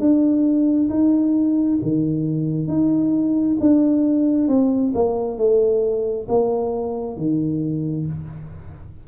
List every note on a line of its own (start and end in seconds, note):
0.00 0.90 D4
0.90 1.80 D#4
1.83 2.68 D#3
2.68 3.57 D#4
3.60 4.48 D4
4.48 4.93 C4
4.95 5.38 A#3
5.38 6.27 A3
6.28 7.17 A#3
7.17 8.06 D#3